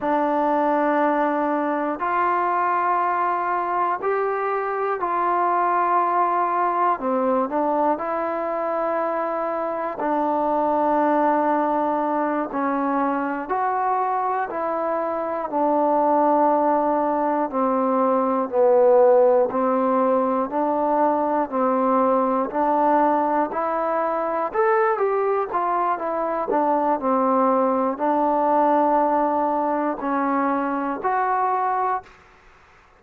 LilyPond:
\new Staff \with { instrumentName = "trombone" } { \time 4/4 \tempo 4 = 60 d'2 f'2 | g'4 f'2 c'8 d'8 | e'2 d'2~ | d'8 cis'4 fis'4 e'4 d'8~ |
d'4. c'4 b4 c'8~ | c'8 d'4 c'4 d'4 e'8~ | e'8 a'8 g'8 f'8 e'8 d'8 c'4 | d'2 cis'4 fis'4 | }